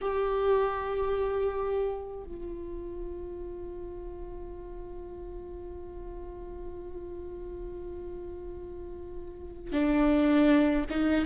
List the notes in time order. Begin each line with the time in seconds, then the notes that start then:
0.01 G4
2.24 F4
9.72 D4
10.90 D#4